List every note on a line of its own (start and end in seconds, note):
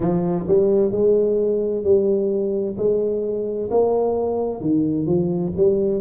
0.00 0.46 F3
0.47 0.91 G3
0.91 1.84 G#3
1.84 2.76 G3
2.77 3.70 G#3
3.70 4.61 A#3
4.61 5.06 D#3
5.06 5.52 F3
5.56 6.01 G3